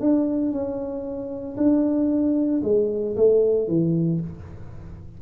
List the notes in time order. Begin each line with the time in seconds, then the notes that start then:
0.00 D4
0.52 C#4
1.57 D4
2.63 G#3
3.16 A3
3.68 E3